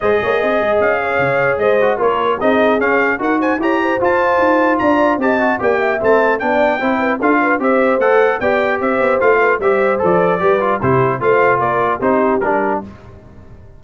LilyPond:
<<
  \new Staff \with { instrumentName = "trumpet" } { \time 4/4 \tempo 4 = 150 dis''2 f''2 | dis''4 cis''4 dis''4 f''4 | fis''8 gis''8 ais''4 a''2 | ais''4 a''4 g''4 a''4 |
g''2 f''4 e''4 | fis''4 g''4 e''4 f''4 | e''4 d''2 c''4 | f''4 d''4 c''4 ais'4 | }
  \new Staff \with { instrumentName = "horn" } { \time 4/4 c''8 cis''8 dis''4. cis''4. | c''4 ais'4 gis'2 | ais'8 c''8 cis''8 c''2~ c''8 | d''4 dis''4 d''8 e''4. |
d''4 c''8 b'8 a'8 b'8 c''4~ | c''4 d''4 c''4. b'8 | c''2 b'4 g'4 | c''4 ais'4 g'2 | }
  \new Staff \with { instrumentName = "trombone" } { \time 4/4 gis'1~ | gis'8 fis'8 f'4 dis'4 cis'4 | fis'4 g'4 f'2~ | f'4 g'8 fis'8 g'4 c'4 |
d'4 e'4 f'4 g'4 | a'4 g'2 f'4 | g'4 a'4 g'8 f'8 e'4 | f'2 dis'4 d'4 | }
  \new Staff \with { instrumentName = "tuba" } { \time 4/4 gis8 ais8 c'8 gis8 cis'4 cis4 | gis4 ais4 c'4 cis'4 | dis'4 e'4 f'4 dis'4 | d'4 c'4 ais4 a4 |
b4 c'4 d'4 c'4 | a4 b4 c'8 b8 a4 | g4 f4 g4 c4 | a4 ais4 c'4 g4 | }
>>